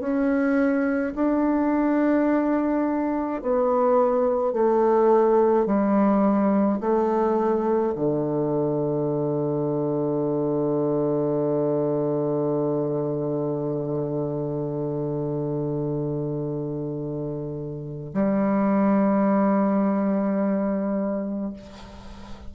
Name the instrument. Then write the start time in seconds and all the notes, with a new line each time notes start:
bassoon
0.00 C#4
1.15 D4
3.42 B3
4.53 A3
5.66 G3
6.80 A3
7.95 D3
18.13 G3